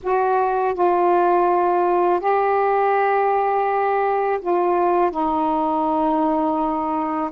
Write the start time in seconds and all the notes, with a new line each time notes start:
0.03 F#4
0.74 F4
2.20 G4
4.41 F4
5.11 D#4